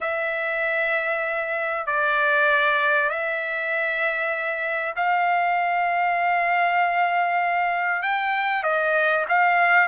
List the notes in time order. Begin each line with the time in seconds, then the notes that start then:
0.01 E5
1.86 D5
3.09 E5
4.96 F5
8.02 G5
8.63 D#5
9.28 F5